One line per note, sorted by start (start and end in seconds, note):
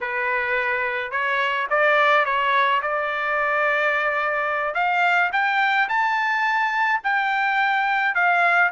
0.00 1.11 B4
1.11 1.67 C#5
1.69 2.25 D5
2.25 2.81 C#5
2.82 4.74 D5
4.74 5.30 F5
5.32 5.88 G5
5.88 7.00 A5
7.03 8.14 G5
8.14 8.70 F5